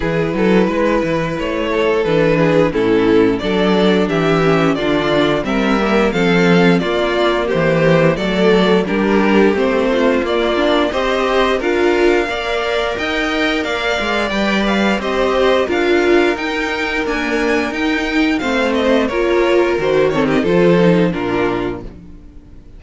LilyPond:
<<
  \new Staff \with { instrumentName = "violin" } { \time 4/4 \tempo 4 = 88 b'2 cis''4 b'4 | a'4 d''4 e''4 d''4 | e''4 f''4 d''4 c''4 | d''4 ais'4 c''4 d''4 |
dis''4 f''2 g''4 | f''4 g''8 f''8 dis''4 f''4 | g''4 gis''4 g''4 f''8 dis''8 | cis''4 c''8 cis''16 dis''16 c''4 ais'4 | }
  \new Staff \with { instrumentName = "violin" } { \time 4/4 gis'8 a'8 b'4. a'4 gis'8 | e'4 a'4 g'4 f'4 | ais'4 a'4 f'4 g'4 | a'4 g'4. f'4. |
c''4 ais'4 d''4 dis''4 | d''2 c''4 ais'4~ | ais'2. c''4 | ais'4. a'16 g'16 a'4 f'4 | }
  \new Staff \with { instrumentName = "viola" } { \time 4/4 e'2. d'4 | cis'4 d'4. cis'8 d'4 | c'8 ais8 c'4 ais2 | a4 d'4 c'4 ais8 d'8 |
g'4 f'4 ais'2~ | ais'4 b'4 g'4 f'4 | dis'4 ais4 dis'4 c'4 | f'4 fis'8 c'8 f'8 dis'8 d'4 | }
  \new Staff \with { instrumentName = "cello" } { \time 4/4 e8 fis8 gis8 e8 a4 e4 | a,4 fis4 e4 d4 | g4 f4 ais4 e4 | fis4 g4 a4 ais4 |
c'4 d'4 ais4 dis'4 | ais8 gis8 g4 c'4 d'4 | dis'4 d'4 dis'4 a4 | ais4 dis4 f4 ais,4 | }
>>